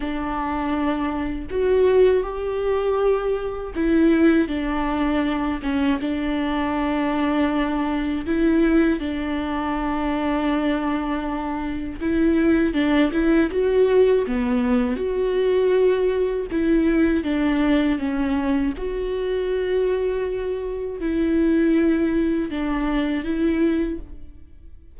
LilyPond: \new Staff \with { instrumentName = "viola" } { \time 4/4 \tempo 4 = 80 d'2 fis'4 g'4~ | g'4 e'4 d'4. cis'8 | d'2. e'4 | d'1 |
e'4 d'8 e'8 fis'4 b4 | fis'2 e'4 d'4 | cis'4 fis'2. | e'2 d'4 e'4 | }